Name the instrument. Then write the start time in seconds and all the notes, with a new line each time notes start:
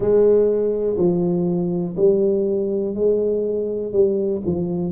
tuba
0.00 G#3
0.97 F3
1.96 G3
2.94 G#3
3.92 G3
4.45 F3